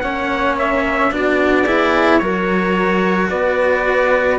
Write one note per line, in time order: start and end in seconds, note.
0.00 1.12 A#3
0.00 1.11 C#4
0.00 1.12 C#5
0.00 0.55 F#5
0.59 1.13 E5
1.11 2.21 B3
1.11 1.66 D4
1.11 1.64 F#4
1.11 2.18 D5
1.64 2.21 E4
1.64 2.19 G#4
2.18 3.30 F#3
2.18 4.39 F#4
2.18 3.30 A#4
2.18 3.27 C#5
3.30 4.39 B3
3.30 4.39 B4
3.30 4.39 D5